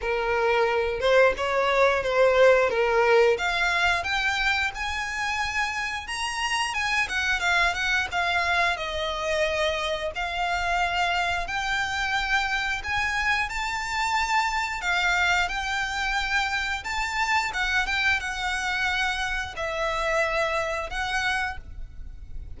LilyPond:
\new Staff \with { instrumentName = "violin" } { \time 4/4 \tempo 4 = 89 ais'4. c''8 cis''4 c''4 | ais'4 f''4 g''4 gis''4~ | gis''4 ais''4 gis''8 fis''8 f''8 fis''8 | f''4 dis''2 f''4~ |
f''4 g''2 gis''4 | a''2 f''4 g''4~ | g''4 a''4 fis''8 g''8 fis''4~ | fis''4 e''2 fis''4 | }